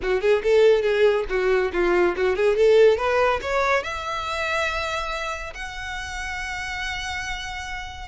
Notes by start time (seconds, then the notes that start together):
0.02 F#4
0.21 G#4
0.43 A4
0.82 G#4
1.29 F#4
1.72 F4
2.16 F#4
2.36 G#4
2.56 A4
2.97 B4
3.41 C#5
3.83 E5
5.54 F#5